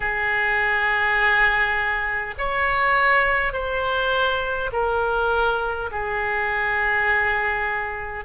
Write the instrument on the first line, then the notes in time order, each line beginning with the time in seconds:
oboe
0.00 G#4
2.37 C#5
3.52 C5
4.72 A#4
5.91 G#4